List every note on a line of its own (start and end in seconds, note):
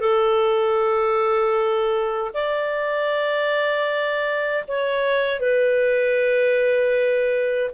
0.00 2.31 A4
2.34 4.65 D5
4.68 5.40 C#5
5.40 7.70 B4